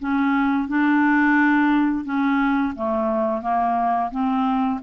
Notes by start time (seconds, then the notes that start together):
0.00 C#4
0.69 D4
2.05 C#4
2.76 A3
3.42 A#3
4.11 C4